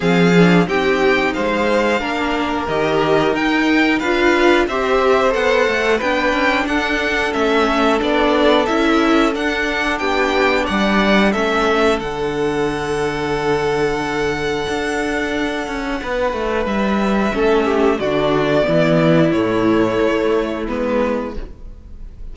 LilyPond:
<<
  \new Staff \with { instrumentName = "violin" } { \time 4/4 \tempo 4 = 90 f''4 g''4 f''2 | dis''4 g''4 f''4 e''4 | fis''4 g''4 fis''4 e''4 | d''4 e''4 fis''4 g''4 |
fis''4 e''4 fis''2~ | fis''1~ | fis''4 e''2 d''4~ | d''4 cis''2 b'4 | }
  \new Staff \with { instrumentName = "violin" } { \time 4/4 gis'4 g'4 c''4 ais'4~ | ais'2 b'4 c''4~ | c''4 b'4 a'2~ | a'2. g'4 |
d''4 a'2.~ | a'1 | b'2 a'8 g'8 fis'4 | e'1 | }
  \new Staff \with { instrumentName = "viola" } { \time 4/4 c'8 d'8 dis'2 d'4 | g'4 dis'4 f'4 g'4 | a'4 d'2 cis'4 | d'4 e'4 d'2~ |
d'4 cis'4 d'2~ | d'1~ | d'2 cis'4 d'4 | b4 a2 b4 | }
  \new Staff \with { instrumentName = "cello" } { \time 4/4 f4 c'4 gis4 ais4 | dis4 dis'4 d'4 c'4 | b8 a8 b8 cis'8 d'4 a4 | b4 cis'4 d'4 b4 |
g4 a4 d2~ | d2 d'4. cis'8 | b8 a8 g4 a4 d4 | e4 a,4 a4 gis4 | }
>>